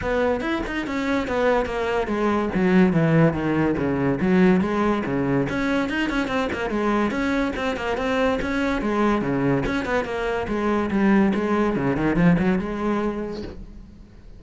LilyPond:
\new Staff \with { instrumentName = "cello" } { \time 4/4 \tempo 4 = 143 b4 e'8 dis'8 cis'4 b4 | ais4 gis4 fis4 e4 | dis4 cis4 fis4 gis4 | cis4 cis'4 dis'8 cis'8 c'8 ais8 |
gis4 cis'4 c'8 ais8 c'4 | cis'4 gis4 cis4 cis'8 b8 | ais4 gis4 g4 gis4 | cis8 dis8 f8 fis8 gis2 | }